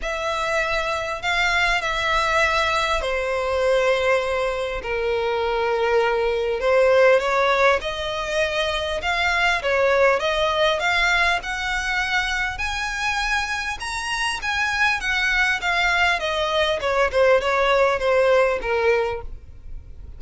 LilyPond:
\new Staff \with { instrumentName = "violin" } { \time 4/4 \tempo 4 = 100 e''2 f''4 e''4~ | e''4 c''2. | ais'2. c''4 | cis''4 dis''2 f''4 |
cis''4 dis''4 f''4 fis''4~ | fis''4 gis''2 ais''4 | gis''4 fis''4 f''4 dis''4 | cis''8 c''8 cis''4 c''4 ais'4 | }